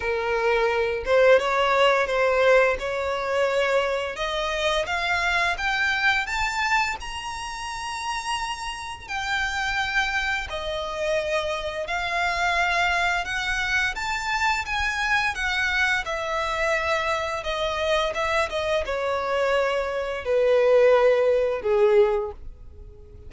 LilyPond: \new Staff \with { instrumentName = "violin" } { \time 4/4 \tempo 4 = 86 ais'4. c''8 cis''4 c''4 | cis''2 dis''4 f''4 | g''4 a''4 ais''2~ | ais''4 g''2 dis''4~ |
dis''4 f''2 fis''4 | a''4 gis''4 fis''4 e''4~ | e''4 dis''4 e''8 dis''8 cis''4~ | cis''4 b'2 gis'4 | }